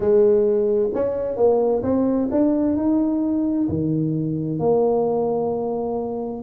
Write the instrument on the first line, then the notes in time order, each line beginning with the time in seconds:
tuba
0.00 G#3
0.94 C#4
1.36 A#3
1.83 C4
2.31 D4
2.76 D#4
3.68 D#3
4.59 A#3